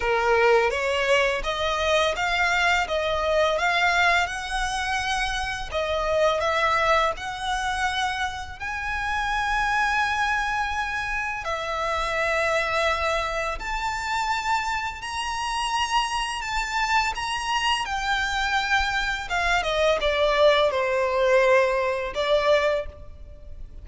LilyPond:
\new Staff \with { instrumentName = "violin" } { \time 4/4 \tempo 4 = 84 ais'4 cis''4 dis''4 f''4 | dis''4 f''4 fis''2 | dis''4 e''4 fis''2 | gis''1 |
e''2. a''4~ | a''4 ais''2 a''4 | ais''4 g''2 f''8 dis''8 | d''4 c''2 d''4 | }